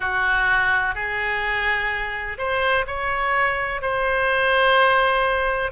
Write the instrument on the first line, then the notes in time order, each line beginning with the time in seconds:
oboe
0.00 F#4
0.94 G#4
2.38 C5
2.86 C#5
3.81 C5